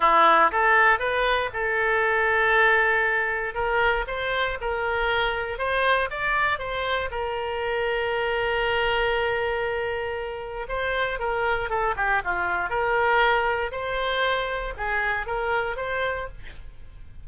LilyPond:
\new Staff \with { instrumentName = "oboe" } { \time 4/4 \tempo 4 = 118 e'4 a'4 b'4 a'4~ | a'2. ais'4 | c''4 ais'2 c''4 | d''4 c''4 ais'2~ |
ais'1~ | ais'4 c''4 ais'4 a'8 g'8 | f'4 ais'2 c''4~ | c''4 gis'4 ais'4 c''4 | }